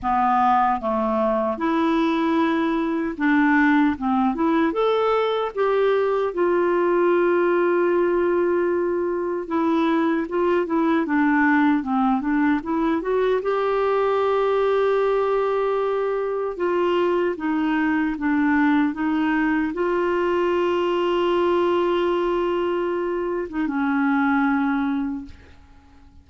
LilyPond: \new Staff \with { instrumentName = "clarinet" } { \time 4/4 \tempo 4 = 76 b4 a4 e'2 | d'4 c'8 e'8 a'4 g'4 | f'1 | e'4 f'8 e'8 d'4 c'8 d'8 |
e'8 fis'8 g'2.~ | g'4 f'4 dis'4 d'4 | dis'4 f'2.~ | f'4.~ f'16 dis'16 cis'2 | }